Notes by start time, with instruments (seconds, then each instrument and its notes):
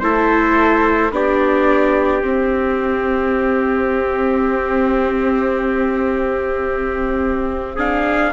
0.00 bassoon A3, viola E4, trumpet A4 C5
1.11 bassoon B3, viola D4, trumpet G4 D5
2.22 viola C4, bassoon C4, trumpet E5
7.76 viola D4, trumpet G#4 F5